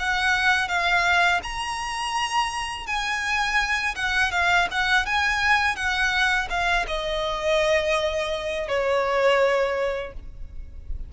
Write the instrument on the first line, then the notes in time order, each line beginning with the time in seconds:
violin
0.00 F#5
0.69 F5
1.44 A#5
2.87 G#5
3.96 F#5
4.32 F5
4.71 F#5
5.06 G#5
5.76 F#5
6.50 F5
6.88 D#5
8.69 C#5